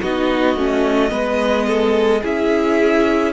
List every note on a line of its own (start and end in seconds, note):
0.00 0.55 B3
0.00 0.56 D#4
0.00 1.11 F#4
0.00 2.23 D#5
0.55 1.11 A3
0.55 1.09 C#4
1.09 2.22 G#3
1.09 2.20 B3
1.09 1.66 B4
1.67 2.21 A4
2.21 3.32 C#4
2.21 3.32 E4
2.21 3.32 G#4
2.21 3.32 E5